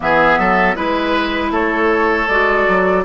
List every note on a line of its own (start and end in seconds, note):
0.00 0.38 E3
0.00 0.75 B3
0.00 0.39 G#4
0.00 0.75 E5
0.38 0.76 F#3
0.38 0.75 A4
0.75 1.50 G#3
0.75 2.27 E4
0.75 1.51 B4
1.50 2.26 A3
1.50 3.03 A4
1.50 2.28 C#5
2.28 2.66 G#3
2.28 3.05 F#4
2.28 3.04 D5
2.68 3.05 F#3